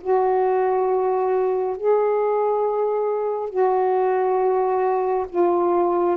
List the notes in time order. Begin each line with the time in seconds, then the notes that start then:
0.00 F#4
1.77 G#4
3.49 F#4
5.29 F4